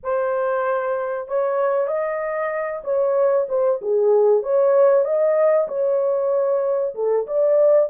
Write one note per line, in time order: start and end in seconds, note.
0.03 1.28 C5
1.28 1.87 C#5
1.87 2.82 D#5
2.84 3.47 C#5
3.48 3.80 C5
3.81 4.42 G#4
4.42 5.04 C#5
5.04 5.67 D#5
5.68 6.94 C#5
6.94 7.26 A4
7.26 7.89 D5